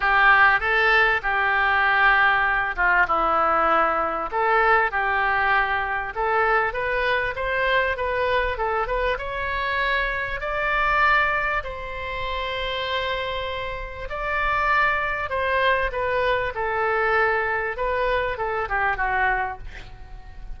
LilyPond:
\new Staff \with { instrumentName = "oboe" } { \time 4/4 \tempo 4 = 98 g'4 a'4 g'2~ | g'8 f'8 e'2 a'4 | g'2 a'4 b'4 | c''4 b'4 a'8 b'8 cis''4~ |
cis''4 d''2 c''4~ | c''2. d''4~ | d''4 c''4 b'4 a'4~ | a'4 b'4 a'8 g'8 fis'4 | }